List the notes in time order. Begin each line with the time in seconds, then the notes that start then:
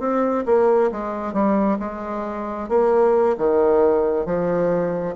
0.00 C4
0.46 A#3
0.92 G#3
1.34 G3
1.79 G#3
2.69 A#3
3.38 D#3
4.26 F3